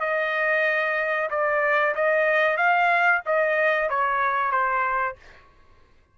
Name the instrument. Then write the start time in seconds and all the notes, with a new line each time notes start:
trumpet
0.00 D#5
1.30 D5
1.95 D#5
2.57 F5
3.26 D#5
3.89 C#5
4.51 C5